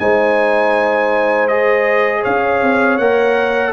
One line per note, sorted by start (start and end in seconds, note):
0.00 2.25 G#3
0.00 1.50 D#4
0.00 2.22 C5
0.00 1.48 G#5
1.48 3.00 G#4
1.48 2.23 D#5
2.22 2.63 C#4
2.22 3.72 C#5
2.22 2.98 F5
2.63 2.99 C4
2.98 3.74 A#3
2.98 3.74 A#4
2.98 3.73 F#5